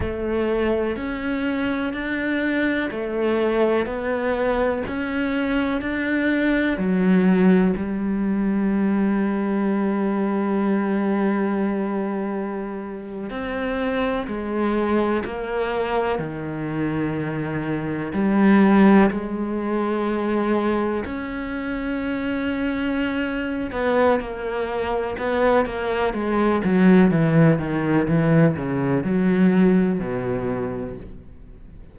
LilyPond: \new Staff \with { instrumentName = "cello" } { \time 4/4 \tempo 4 = 62 a4 cis'4 d'4 a4 | b4 cis'4 d'4 fis4 | g1~ | g4.~ g16 c'4 gis4 ais16~ |
ais8. dis2 g4 gis16~ | gis4.~ gis16 cis'2~ cis'16~ | cis'8 b8 ais4 b8 ais8 gis8 fis8 | e8 dis8 e8 cis8 fis4 b,4 | }